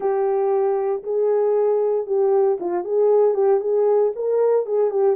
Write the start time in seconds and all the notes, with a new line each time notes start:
0.00 G4
1.03 G#4
2.06 G4
2.60 F4
2.84 G#4
3.34 G4
3.60 G#4
4.15 A#4
4.66 G#4
4.90 G4